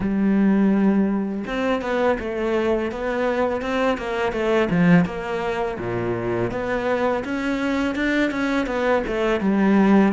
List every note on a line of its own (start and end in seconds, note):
0.00 1.44 G3
1.47 1.81 C4
1.81 2.18 B3
2.19 2.91 A3
2.91 3.61 B3
3.61 3.97 C4
3.97 4.32 A#3
4.32 4.68 A3
4.70 5.05 F3
5.05 5.77 A#3
5.78 6.51 A#2
6.51 7.23 B3
7.24 7.95 C#4
7.95 8.30 D4
8.30 8.66 C#4
8.66 9.02 B3
9.07 9.40 A3
9.40 10.12 G3